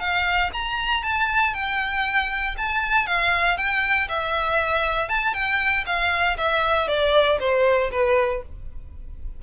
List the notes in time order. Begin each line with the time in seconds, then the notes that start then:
0.00 F5
0.53 A#5
1.03 A5
1.54 G5
2.58 A5
3.07 F5
3.58 G5
4.09 E5
5.09 A5
5.34 G5
5.87 F5
6.38 E5
6.88 D5
7.40 C5
7.92 B4